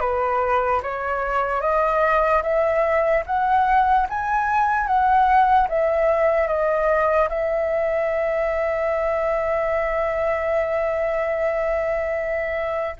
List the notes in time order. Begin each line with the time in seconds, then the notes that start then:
0.00 B4
0.83 C#5
1.61 D#5
2.43 E5
3.26 F#5
4.09 G#5
4.87 F#5
5.69 E5
6.48 D#5
7.29 E5